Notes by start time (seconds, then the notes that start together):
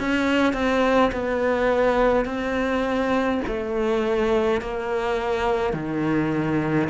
0.00 C#4
0.53 C4
1.12 B3
2.26 C4
3.48 A3
4.62 A#3
5.74 D#3